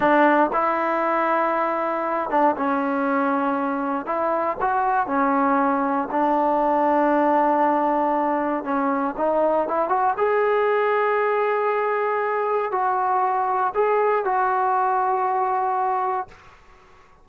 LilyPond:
\new Staff \with { instrumentName = "trombone" } { \time 4/4 \tempo 4 = 118 d'4 e'2.~ | e'8 d'8 cis'2. | e'4 fis'4 cis'2 | d'1~ |
d'4 cis'4 dis'4 e'8 fis'8 | gis'1~ | gis'4 fis'2 gis'4 | fis'1 | }